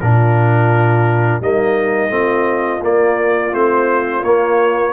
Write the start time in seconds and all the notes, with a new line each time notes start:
0.00 A#2 D4 F4 A#4
1.41 G3 A#3 D#4 D#5
2.09 A3 C4 F4
2.81 A#3 D5
3.52 A3 C4 C5
4.22 A#3 C#5